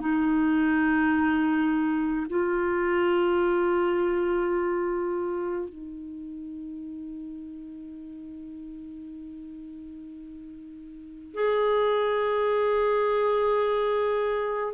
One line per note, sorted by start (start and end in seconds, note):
0.00 2.26 D#4
2.30 5.69 F4
5.69 11.34 D#4
11.34 14.74 G#4